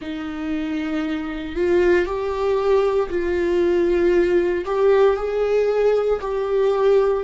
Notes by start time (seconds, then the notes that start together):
0.01 D#4
1.55 F4
2.05 G4
3.09 F4
4.65 G4
5.16 G#4
6.21 G4